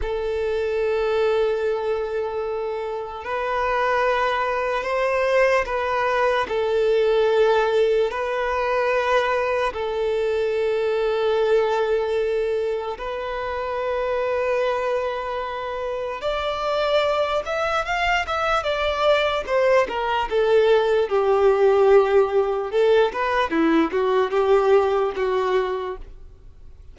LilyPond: \new Staff \with { instrumentName = "violin" } { \time 4/4 \tempo 4 = 74 a'1 | b'2 c''4 b'4 | a'2 b'2 | a'1 |
b'1 | d''4. e''8 f''8 e''8 d''4 | c''8 ais'8 a'4 g'2 | a'8 b'8 e'8 fis'8 g'4 fis'4 | }